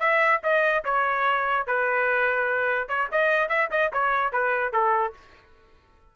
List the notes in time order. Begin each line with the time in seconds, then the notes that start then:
0.00 E5
0.44 D#5
0.85 C#5
1.67 B4
2.89 C#5
3.12 D#5
3.49 E5
3.71 D#5
3.93 C#5
4.33 B4
4.73 A4